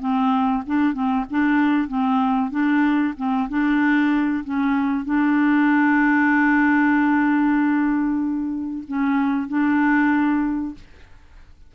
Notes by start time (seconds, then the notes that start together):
0.00 C4
0.66 D4
0.94 C4
1.30 D4
1.88 C4
2.51 D4
3.17 C4
3.49 D4
4.44 C#4
5.05 D4
8.87 C#4
9.48 D4